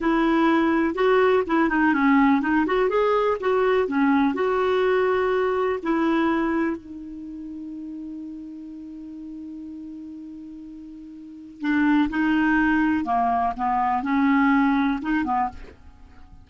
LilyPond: \new Staff \with { instrumentName = "clarinet" } { \time 4/4 \tempo 4 = 124 e'2 fis'4 e'8 dis'8 | cis'4 dis'8 fis'8 gis'4 fis'4 | cis'4 fis'2. | e'2 dis'2~ |
dis'1~ | dis'1 | d'4 dis'2 ais4 | b4 cis'2 dis'8 b8 | }